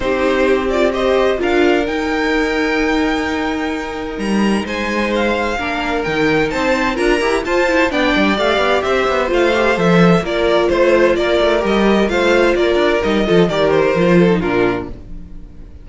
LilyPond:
<<
  \new Staff \with { instrumentName = "violin" } { \time 4/4 \tempo 4 = 129 c''4. d''8 dis''4 f''4 | g''1~ | g''4 ais''4 gis''4 f''4~ | f''4 g''4 a''4 ais''4 |
a''4 g''4 f''4 e''4 | f''4 e''4 d''4 c''4 | d''4 dis''4 f''4 d''4 | dis''4 d''8 c''4. ais'4 | }
  \new Staff \with { instrumentName = "violin" } { \time 4/4 g'2 c''4 ais'4~ | ais'1~ | ais'2 c''2 | ais'2 c''4 ais'4 |
c''4 d''2 c''4~ | c''2 ais'4 c''4 | ais'2 c''4 ais'4~ | ais'8 a'8 ais'4. a'8 f'4 | }
  \new Staff \with { instrumentName = "viola" } { \time 4/4 dis'4. f'8 g'4 f'4 | dis'1~ | dis'1 | d'4 dis'2 f'8 g'8 |
f'8 e'8 d'4 g'2 | f'8 g'8 a'4 f'2~ | f'4 g'4 f'2 | dis'8 f'8 g'4 f'8. dis'16 d'4 | }
  \new Staff \with { instrumentName = "cello" } { \time 4/4 c'2. d'4 | dis'1~ | dis'4 g4 gis2 | ais4 dis4 c'4 d'8 e'8 |
f'4 b8 g8 a8 b8 c'8 b8 | a4 f4 ais4 a4 | ais8 a8 g4 a4 ais8 d'8 | g8 f8 dis4 f4 ais,4 | }
>>